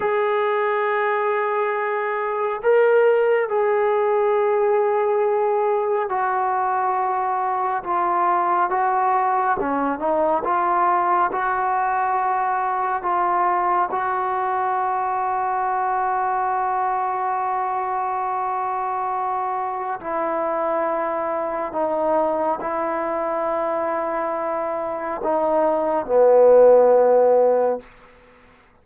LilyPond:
\new Staff \with { instrumentName = "trombone" } { \time 4/4 \tempo 4 = 69 gis'2. ais'4 | gis'2. fis'4~ | fis'4 f'4 fis'4 cis'8 dis'8 | f'4 fis'2 f'4 |
fis'1~ | fis'2. e'4~ | e'4 dis'4 e'2~ | e'4 dis'4 b2 | }